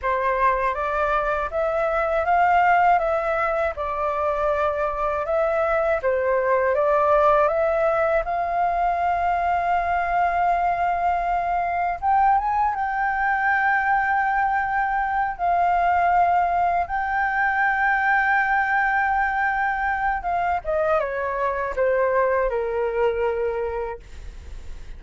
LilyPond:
\new Staff \with { instrumentName = "flute" } { \time 4/4 \tempo 4 = 80 c''4 d''4 e''4 f''4 | e''4 d''2 e''4 | c''4 d''4 e''4 f''4~ | f''1 |
g''8 gis''8 g''2.~ | g''8 f''2 g''4.~ | g''2. f''8 dis''8 | cis''4 c''4 ais'2 | }